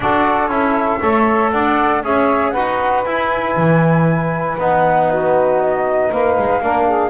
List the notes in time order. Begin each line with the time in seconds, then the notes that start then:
0.00 D4 F#4 A4 D5
0.47 C#4 E4
0.53 E5
1.00 A3 A4 C#5
1.51 D4 D5 F#5
2.03 C#4 G#4 C#5 E5
2.50 D#4 F#4 B4 F#5
3.05 E4 G#5
3.56 E3
4.58 B3 D#4 F#5
5.09 F#4 B4
5.60 D#5
6.11 A#3 B4 F5
6.38 G#3
6.61 A#3 D4 A#4
6.86 G#4